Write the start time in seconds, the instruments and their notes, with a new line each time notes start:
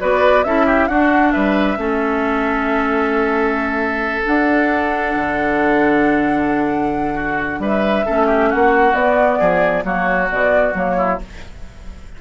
0.00 bassoon B3, clarinet F#4, oboe B4, flute D5
0.44 bassoon C#4, clarinet E4, oboe A4, flute E5
0.66 oboe G4
0.88 bassoon D4, clarinet D4, oboe F#4, flute F#5
1.32 bassoon G3, oboe B4, flute E5
1.77 bassoon A3, clarinet C#4, oboe A4
4.24 clarinet D4, bassoon D4, flute F#5
5.15 bassoon D3
7.14 oboe F#4
7.59 bassoon G3, oboe B4, flute E5
8.06 bassoon A3, clarinet C#4, oboe A4
8.27 oboe G4
8.50 bassoon A#3, oboe F#4, flute F#5
8.93 bassoon B3, clarinet B3, flute D5
9.39 bassoon F3, oboe G#4
9.83 bassoon F#3, clarinet A#3, oboe F#4, flute C#5
10.31 bassoon B2, clarinet B3, flute D5
10.74 bassoon F#3, clarinet A#3, flute C#5
10.97 oboe E4